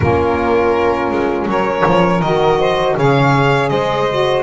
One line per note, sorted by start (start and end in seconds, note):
0.00 1.10 A#3
0.00 2.23 C#4
0.00 1.49 F4
0.00 1.47 A#4
1.10 1.46 G#3
1.46 1.83 F#3
1.46 2.58 A#4
1.46 2.21 C#5
1.86 2.21 F3
2.21 2.95 D#3
2.21 2.98 F#4
2.21 2.95 D#5
2.58 2.95 C5
2.96 3.70 C#3
2.96 4.10 G#4
2.96 3.70 C#5
2.96 3.69 F5
3.69 4.43 G#3
3.69 4.43 C5
3.69 4.43 D#5
4.10 4.43 F#4